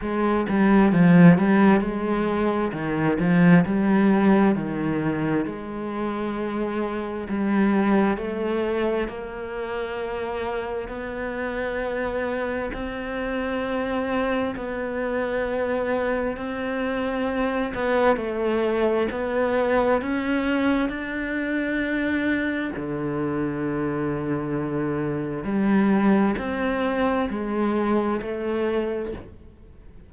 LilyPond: \new Staff \with { instrumentName = "cello" } { \time 4/4 \tempo 4 = 66 gis8 g8 f8 g8 gis4 dis8 f8 | g4 dis4 gis2 | g4 a4 ais2 | b2 c'2 |
b2 c'4. b8 | a4 b4 cis'4 d'4~ | d'4 d2. | g4 c'4 gis4 a4 | }